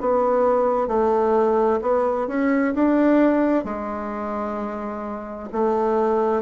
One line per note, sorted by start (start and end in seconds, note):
0.00 0.87 B3
0.87 1.80 A3
1.81 2.27 B3
2.27 2.74 C#4
2.74 3.64 D4
3.64 5.49 G#3
5.52 6.42 A3